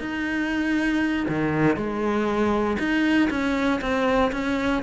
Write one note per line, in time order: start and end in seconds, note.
0.00 1.26 D#4
1.28 1.76 D#3
1.76 2.77 G#3
2.79 3.29 D#4
3.30 3.80 C#4
3.81 4.31 C4
4.32 4.82 C#4